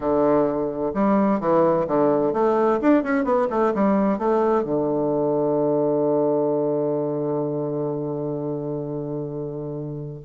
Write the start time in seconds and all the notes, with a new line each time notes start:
0.00 D3
0.94 G3
1.40 E3
1.87 D3
2.33 A3
2.81 D4
3.03 C#4
3.24 B3
3.49 A3
3.74 G3
4.18 A3
4.63 D3